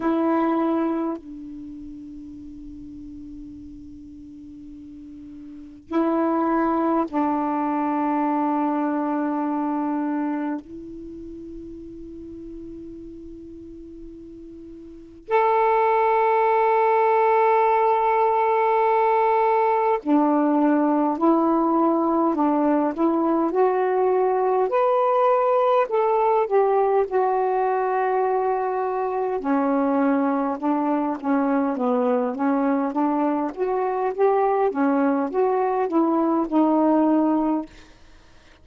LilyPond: \new Staff \with { instrumentName = "saxophone" } { \time 4/4 \tempo 4 = 51 e'4 d'2.~ | d'4 e'4 d'2~ | d'4 e'2.~ | e'4 a'2.~ |
a'4 d'4 e'4 d'8 e'8 | fis'4 b'4 a'8 g'8 fis'4~ | fis'4 cis'4 d'8 cis'8 b8 cis'8 | d'8 fis'8 g'8 cis'8 fis'8 e'8 dis'4 | }